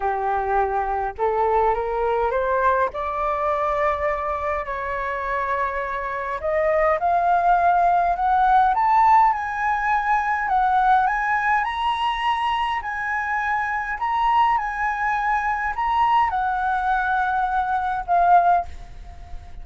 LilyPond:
\new Staff \with { instrumentName = "flute" } { \time 4/4 \tempo 4 = 103 g'2 a'4 ais'4 | c''4 d''2. | cis''2. dis''4 | f''2 fis''4 a''4 |
gis''2 fis''4 gis''4 | ais''2 gis''2 | ais''4 gis''2 ais''4 | fis''2. f''4 | }